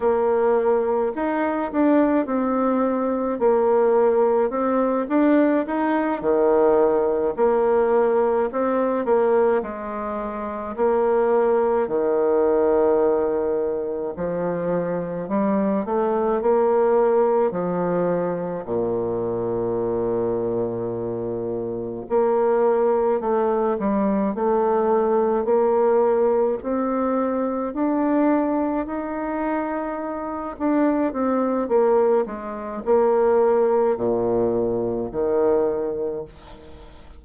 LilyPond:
\new Staff \with { instrumentName = "bassoon" } { \time 4/4 \tempo 4 = 53 ais4 dis'8 d'8 c'4 ais4 | c'8 d'8 dis'8 dis4 ais4 c'8 | ais8 gis4 ais4 dis4.~ | dis8 f4 g8 a8 ais4 f8~ |
f8 ais,2. ais8~ | ais8 a8 g8 a4 ais4 c'8~ | c'8 d'4 dis'4. d'8 c'8 | ais8 gis8 ais4 ais,4 dis4 | }